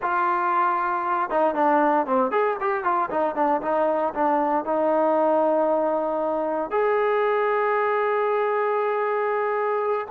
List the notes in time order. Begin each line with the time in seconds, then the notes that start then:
0.02 F4
1.30 D#4
1.54 D4
2.06 C4
2.31 G#4
2.60 G4
2.83 F4
3.10 D#4
3.35 D4
3.61 D#4
4.14 D4
4.64 D#4
6.71 G#4